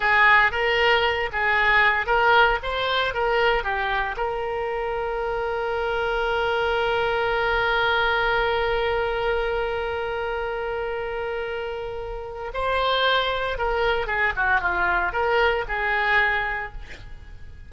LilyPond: \new Staff \with { instrumentName = "oboe" } { \time 4/4 \tempo 4 = 115 gis'4 ais'4. gis'4. | ais'4 c''4 ais'4 g'4 | ais'1~ | ais'1~ |
ais'1~ | ais'1 | c''2 ais'4 gis'8 fis'8 | f'4 ais'4 gis'2 | }